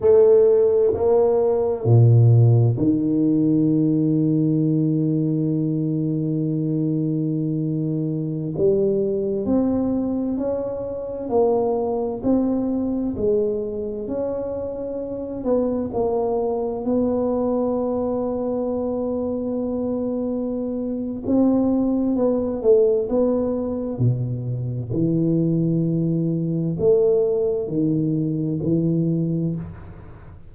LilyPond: \new Staff \with { instrumentName = "tuba" } { \time 4/4 \tempo 4 = 65 a4 ais4 ais,4 dis4~ | dis1~ | dis4~ dis16 g4 c'4 cis'8.~ | cis'16 ais4 c'4 gis4 cis'8.~ |
cis'8. b8 ais4 b4.~ b16~ | b2. c'4 | b8 a8 b4 b,4 e4~ | e4 a4 dis4 e4 | }